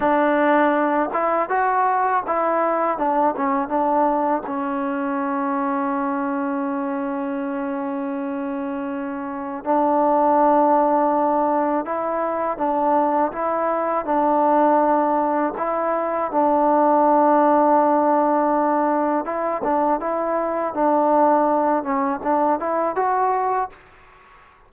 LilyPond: \new Staff \with { instrumentName = "trombone" } { \time 4/4 \tempo 4 = 81 d'4. e'8 fis'4 e'4 | d'8 cis'8 d'4 cis'2~ | cis'1~ | cis'4 d'2. |
e'4 d'4 e'4 d'4~ | d'4 e'4 d'2~ | d'2 e'8 d'8 e'4 | d'4. cis'8 d'8 e'8 fis'4 | }